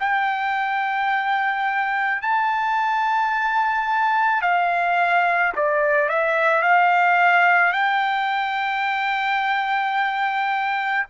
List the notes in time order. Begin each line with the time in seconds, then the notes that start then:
0.00 G5
2.22 A5
4.42 F5
5.56 D5
6.10 E5
6.63 F5
7.73 G5